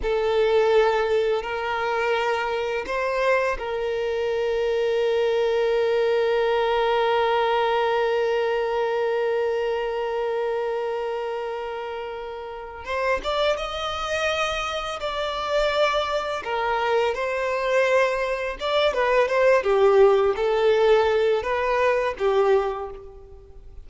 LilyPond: \new Staff \with { instrumentName = "violin" } { \time 4/4 \tempo 4 = 84 a'2 ais'2 | c''4 ais'2.~ | ais'1~ | ais'1~ |
ais'2 c''8 d''8 dis''4~ | dis''4 d''2 ais'4 | c''2 d''8 b'8 c''8 g'8~ | g'8 a'4. b'4 g'4 | }